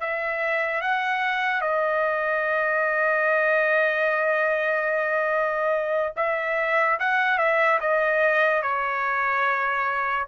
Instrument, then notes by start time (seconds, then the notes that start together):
trumpet
0.00 E5
0.81 F#5
1.61 D#5
6.16 E5
6.99 F#5
7.37 E5
7.80 D#5
8.62 C#5